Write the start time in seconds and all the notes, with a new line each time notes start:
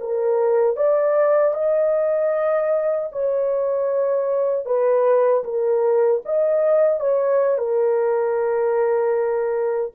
0.00 A#4
0.77 D5
1.54 D#5
3.12 C#5
4.66 B4
5.44 A#4
6.25 D#5
7.00 C#5
7.58 A#4